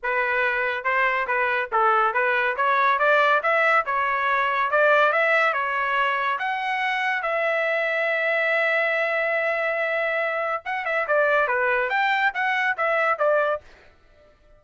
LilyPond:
\new Staff \with { instrumentName = "trumpet" } { \time 4/4 \tempo 4 = 141 b'2 c''4 b'4 | a'4 b'4 cis''4 d''4 | e''4 cis''2 d''4 | e''4 cis''2 fis''4~ |
fis''4 e''2.~ | e''1~ | e''4 fis''8 e''8 d''4 b'4 | g''4 fis''4 e''4 d''4 | }